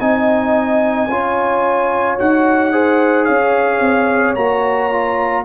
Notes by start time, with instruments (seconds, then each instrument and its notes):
0.00 tuba C4, trombone D#4, horn D#5, trumpet G#5
1.08 tuba C#4, trombone F4, horn C#5
2.18 tuba D#4, trombone F#4, trumpet F#5
2.72 trombone G#4, horn C5
3.25 tuba C#4, horn C#5, trumpet F5
3.80 tuba C4
4.35 tuba A#3, trombone F#4, trumpet A#5
4.92 trombone F4